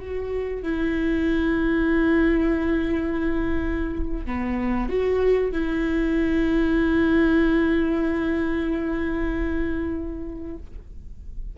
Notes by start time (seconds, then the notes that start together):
0.00 F#4
0.63 E4
4.26 B3
4.89 F#4
5.52 E4